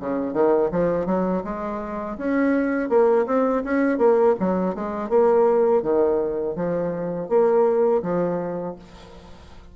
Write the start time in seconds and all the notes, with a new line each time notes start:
0.00 C#3
0.33 D#3
0.72 F3
1.06 F#3
1.44 G#3
2.18 C#4
2.89 A#3
3.26 C4
3.64 C#4
3.98 A#3
4.40 F#3
4.75 G#3
5.10 A#3
5.83 D#3
6.56 F3
7.29 A#3
8.03 F3